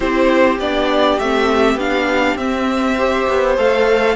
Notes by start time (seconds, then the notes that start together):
0.00 C4 E4 G4 C5
0.59 B3 D4 D5
1.19 A3 C4 E5
1.75 B3 D4 F5
2.35 C4 E5
2.98 G4 C5
3.28 B3
3.56 A3 A4 F5